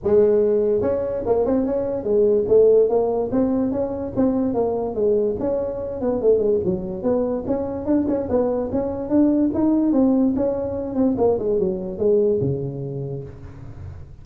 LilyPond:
\new Staff \with { instrumentName = "tuba" } { \time 4/4 \tempo 4 = 145 gis2 cis'4 ais8 c'8 | cis'4 gis4 a4 ais4 | c'4 cis'4 c'4 ais4 | gis4 cis'4. b8 a8 gis8 |
fis4 b4 cis'4 d'8 cis'8 | b4 cis'4 d'4 dis'4 | c'4 cis'4. c'8 ais8 gis8 | fis4 gis4 cis2 | }